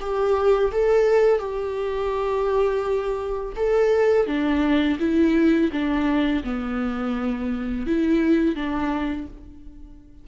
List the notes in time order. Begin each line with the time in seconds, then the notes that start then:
0.00 G4
0.71 A4
1.39 G4
3.56 A4
4.26 D4
4.99 E4
5.72 D4
6.44 B3
7.86 E4
8.55 D4